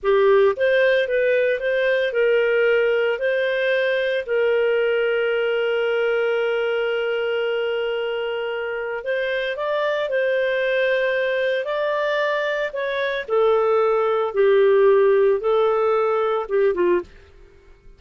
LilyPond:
\new Staff \with { instrumentName = "clarinet" } { \time 4/4 \tempo 4 = 113 g'4 c''4 b'4 c''4 | ais'2 c''2 | ais'1~ | ais'1~ |
ais'4 c''4 d''4 c''4~ | c''2 d''2 | cis''4 a'2 g'4~ | g'4 a'2 g'8 f'8 | }